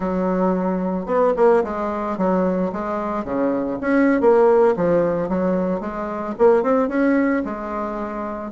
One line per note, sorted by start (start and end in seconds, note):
0.00 1.06 F#3
1.06 1.33 B3
1.36 1.63 A#3
1.63 2.17 G#3
2.17 2.71 F#3
2.72 3.24 G#3
3.24 3.78 C#3
3.80 4.20 C#4
4.20 4.74 A#3
4.76 5.29 F3
5.29 5.80 F#3
5.80 6.34 G#3
6.38 6.62 A#3
6.62 6.88 C4
6.88 7.42 C#4
7.44 8.51 G#3